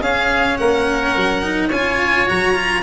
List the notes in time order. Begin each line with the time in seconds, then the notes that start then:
0.00 C#4 G#4 F5
0.57 A#3 A#4 F#5
1.16 F#3
1.43 D#4
1.69 C#4 F4 C#5 G#5
2.27 F#3 F#4 A#5
2.55 F4